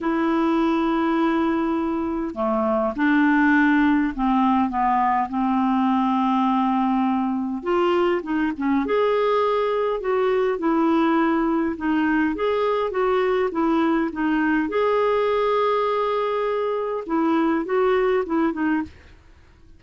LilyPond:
\new Staff \with { instrumentName = "clarinet" } { \time 4/4 \tempo 4 = 102 e'1 | a4 d'2 c'4 | b4 c'2.~ | c'4 f'4 dis'8 cis'8 gis'4~ |
gis'4 fis'4 e'2 | dis'4 gis'4 fis'4 e'4 | dis'4 gis'2.~ | gis'4 e'4 fis'4 e'8 dis'8 | }